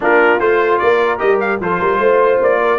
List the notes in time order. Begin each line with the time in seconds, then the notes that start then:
0.00 A#3 D4 F4 A#4
0.39 A3 F4 C5
0.78 A#3 A#4 D5
1.18 G3 G4 D#5
1.40 F5
1.60 F3 F4 A4 C5
1.79 G3 A#4
1.99 A3 C5
2.40 A#3 D5
2.61 A#4